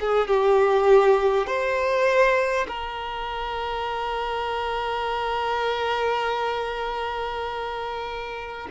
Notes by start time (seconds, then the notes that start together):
0.00 G#4
0.27 G4
1.47 C5
2.68 A#4